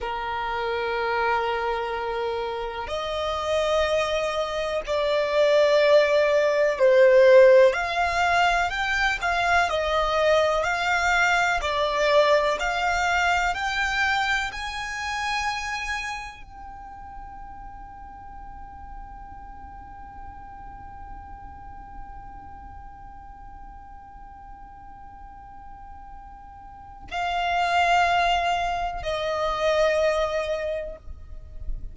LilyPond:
\new Staff \with { instrumentName = "violin" } { \time 4/4 \tempo 4 = 62 ais'2. dis''4~ | dis''4 d''2 c''4 | f''4 g''8 f''8 dis''4 f''4 | d''4 f''4 g''4 gis''4~ |
gis''4 g''2.~ | g''1~ | g''1 | f''2 dis''2 | }